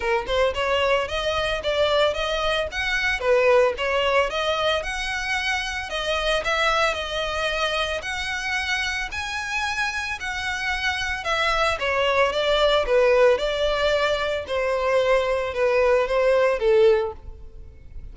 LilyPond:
\new Staff \with { instrumentName = "violin" } { \time 4/4 \tempo 4 = 112 ais'8 c''8 cis''4 dis''4 d''4 | dis''4 fis''4 b'4 cis''4 | dis''4 fis''2 dis''4 | e''4 dis''2 fis''4~ |
fis''4 gis''2 fis''4~ | fis''4 e''4 cis''4 d''4 | b'4 d''2 c''4~ | c''4 b'4 c''4 a'4 | }